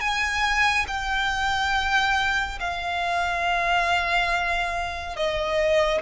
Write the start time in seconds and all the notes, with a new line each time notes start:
0.00 G#5
0.87 G5
2.60 F5
5.16 D#5